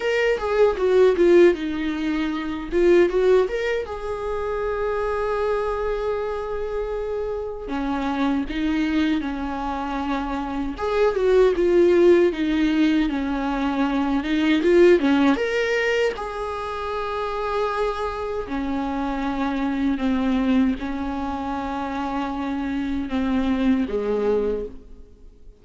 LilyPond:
\new Staff \with { instrumentName = "viola" } { \time 4/4 \tempo 4 = 78 ais'8 gis'8 fis'8 f'8 dis'4. f'8 | fis'8 ais'8 gis'2.~ | gis'2 cis'4 dis'4 | cis'2 gis'8 fis'8 f'4 |
dis'4 cis'4. dis'8 f'8 cis'8 | ais'4 gis'2. | cis'2 c'4 cis'4~ | cis'2 c'4 gis4 | }